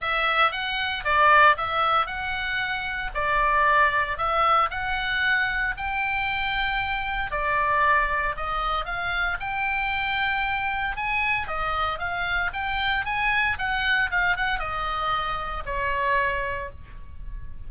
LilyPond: \new Staff \with { instrumentName = "oboe" } { \time 4/4 \tempo 4 = 115 e''4 fis''4 d''4 e''4 | fis''2 d''2 | e''4 fis''2 g''4~ | g''2 d''2 |
dis''4 f''4 g''2~ | g''4 gis''4 dis''4 f''4 | g''4 gis''4 fis''4 f''8 fis''8 | dis''2 cis''2 | }